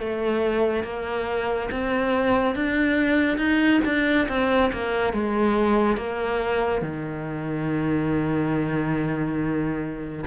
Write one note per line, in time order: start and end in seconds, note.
0.00 0.84 A3
0.84 1.70 A#3
1.71 2.56 C4
2.56 3.38 D4
3.38 3.81 D#4
3.85 4.28 D4
4.29 4.72 C4
4.73 5.14 A#3
5.14 5.97 G#3
5.97 6.82 A#3
6.82 10.25 D#3